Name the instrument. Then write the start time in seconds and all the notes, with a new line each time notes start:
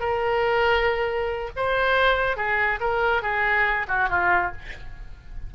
oboe
0.00 A#4
1.56 C5
2.37 G#4
2.81 A#4
3.23 G#4
3.88 F#4
4.09 F4